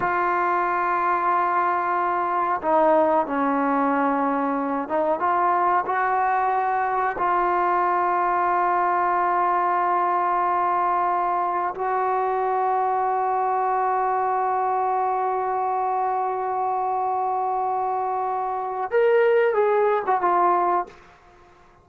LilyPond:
\new Staff \with { instrumentName = "trombone" } { \time 4/4 \tempo 4 = 92 f'1 | dis'4 cis'2~ cis'8 dis'8 | f'4 fis'2 f'4~ | f'1~ |
f'2 fis'2~ | fis'1~ | fis'1~ | fis'4 ais'4 gis'8. fis'16 f'4 | }